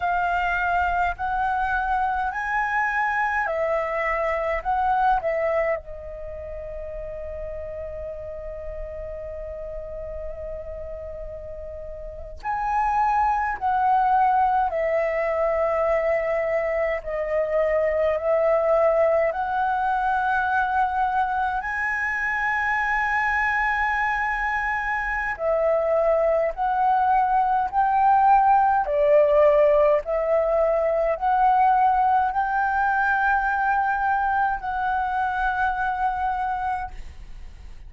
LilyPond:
\new Staff \with { instrumentName = "flute" } { \time 4/4 \tempo 4 = 52 f''4 fis''4 gis''4 e''4 | fis''8 e''8 dis''2.~ | dis''2~ dis''8. gis''4 fis''16~ | fis''8. e''2 dis''4 e''16~ |
e''8. fis''2 gis''4~ gis''16~ | gis''2 e''4 fis''4 | g''4 d''4 e''4 fis''4 | g''2 fis''2 | }